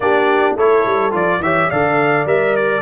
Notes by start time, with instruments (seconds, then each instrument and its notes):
0.00 tuba A#3, trombone D4, horn G4, trumpet D5
0.56 tuba A3, trombone E4, horn A4, trumpet C#5
0.85 tuba G3
1.11 tuba F3, trombone F4, trumpet D5
1.39 tuba E3, trombone G4, horn C#5, trumpet E5
1.68 tuba D3, trombone A4, horn D5, trumpet F5
2.25 tuba G3, trombone A#4, trumpet E5
2.56 trumpet D5